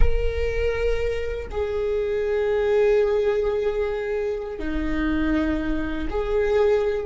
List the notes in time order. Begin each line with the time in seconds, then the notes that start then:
0.00 A#4
1.51 G#4
4.59 D#4
6.09 G#4